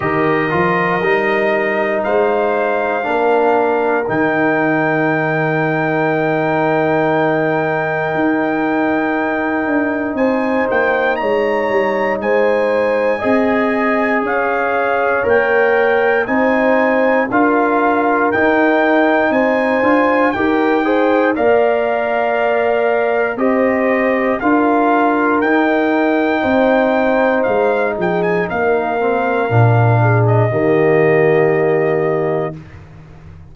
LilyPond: <<
  \new Staff \with { instrumentName = "trumpet" } { \time 4/4 \tempo 4 = 59 dis''2 f''2 | g''1~ | g''2 gis''8 g''8 ais''4 | gis''2 f''4 g''4 |
gis''4 f''4 g''4 gis''4 | g''4 f''2 dis''4 | f''4 g''2 f''8 g''16 gis''16 | f''4.~ f''16 dis''2~ dis''16 | }
  \new Staff \with { instrumentName = "horn" } { \time 4/4 ais'2 c''4 ais'4~ | ais'1~ | ais'2 c''4 cis''4 | c''4 dis''4 cis''2 |
c''4 ais'2 c''4 | ais'8 c''8 d''2 c''4 | ais'2 c''4. gis'8 | ais'4. gis'8 g'2 | }
  \new Staff \with { instrumentName = "trombone" } { \time 4/4 g'8 f'8 dis'2 d'4 | dis'1~ | dis'1~ | dis'4 gis'2 ais'4 |
dis'4 f'4 dis'4. f'8 | g'8 gis'8 ais'2 g'4 | f'4 dis'2.~ | dis'8 c'8 d'4 ais2 | }
  \new Staff \with { instrumentName = "tuba" } { \time 4/4 dis8 f8 g4 gis4 ais4 | dis1 | dis'4. d'8 c'8 ais8 gis8 g8 | gis4 c'4 cis'4 ais4 |
c'4 d'4 dis'4 c'8 d'8 | dis'4 ais2 c'4 | d'4 dis'4 c'4 gis8 f8 | ais4 ais,4 dis2 | }
>>